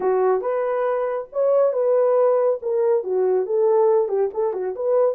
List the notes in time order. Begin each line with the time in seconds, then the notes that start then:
0.00 F#4
0.41 B4
1.32 C#5
1.72 B4
2.62 A#4
3.03 F#4
3.46 A4
4.08 G4
4.33 A4
4.53 F#4
4.75 B4